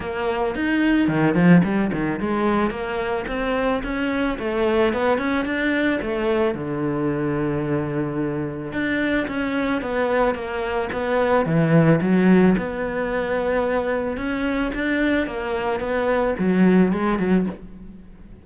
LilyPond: \new Staff \with { instrumentName = "cello" } { \time 4/4 \tempo 4 = 110 ais4 dis'4 dis8 f8 g8 dis8 | gis4 ais4 c'4 cis'4 | a4 b8 cis'8 d'4 a4 | d1 |
d'4 cis'4 b4 ais4 | b4 e4 fis4 b4~ | b2 cis'4 d'4 | ais4 b4 fis4 gis8 fis8 | }